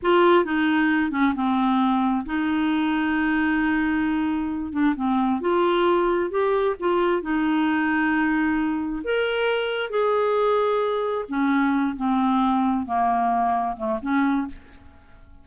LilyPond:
\new Staff \with { instrumentName = "clarinet" } { \time 4/4 \tempo 4 = 133 f'4 dis'4. cis'8 c'4~ | c'4 dis'2.~ | dis'2~ dis'8 d'8 c'4 | f'2 g'4 f'4 |
dis'1 | ais'2 gis'2~ | gis'4 cis'4. c'4.~ | c'8 ais2 a8 cis'4 | }